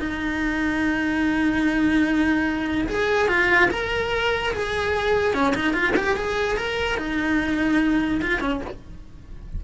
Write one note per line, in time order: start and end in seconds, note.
0.00 2.88 D#4
2.89 3.29 G#4
3.29 3.70 F4
3.71 4.53 A#4
4.54 5.34 G#4
5.34 5.55 C#4
5.56 5.74 D#4
5.74 5.95 F4
5.97 6.17 G4
6.17 6.58 G#4
6.58 6.98 A#4
6.98 8.21 D#4
8.22 8.41 F4
8.41 8.62 C#4